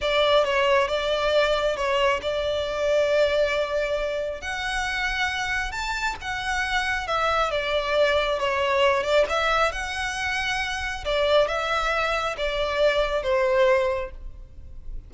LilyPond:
\new Staff \with { instrumentName = "violin" } { \time 4/4 \tempo 4 = 136 d''4 cis''4 d''2 | cis''4 d''2.~ | d''2 fis''2~ | fis''4 a''4 fis''2 |
e''4 d''2 cis''4~ | cis''8 d''8 e''4 fis''2~ | fis''4 d''4 e''2 | d''2 c''2 | }